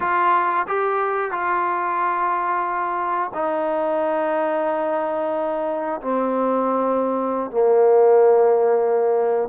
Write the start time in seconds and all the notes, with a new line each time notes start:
0.00 F4
0.67 G4
1.31 F4
3.34 D#4
6.01 C4
7.50 A#3